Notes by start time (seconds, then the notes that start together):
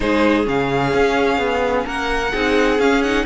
0.00 G#3 D#4 G#4 C5
0.44 C#3 C#4 F5
0.93 C#4
1.38 B3
1.85 A#3 A#4 F#5
2.32 C4 D#4 G#4
2.78 C#4 F5
3.02 D#4 F#5